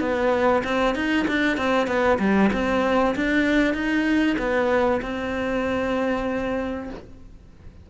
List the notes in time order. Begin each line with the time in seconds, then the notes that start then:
0.00 B3
0.64 C4
0.95 D#4
1.28 D4
1.57 C4
1.87 B3
2.19 G3
2.53 C4
3.16 D4
3.74 D#4
4.38 B3
5.02 C4